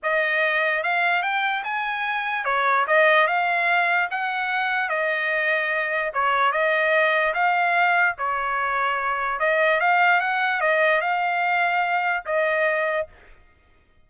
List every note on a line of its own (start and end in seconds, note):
0.03 0.83 D#5
0.83 1.22 F5
1.22 1.63 G5
1.64 2.44 G#5
2.44 2.85 C#5
2.87 3.27 D#5
3.27 4.09 F5
4.10 4.89 F#5
4.89 6.11 D#5
6.13 6.52 C#5
6.52 7.33 D#5
7.34 8.15 F5
8.18 9.39 C#5
9.39 9.80 D#5
9.80 10.20 F5
10.20 10.60 F#5
10.60 11.01 D#5
11.01 12.23 F5
12.25 13.07 D#5